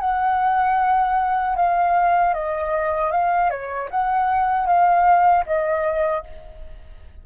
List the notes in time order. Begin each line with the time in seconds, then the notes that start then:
0.00 F#5
1.56 F5
2.34 D#5
3.11 F5
3.50 C#5
3.91 F#5
4.67 F5
5.46 D#5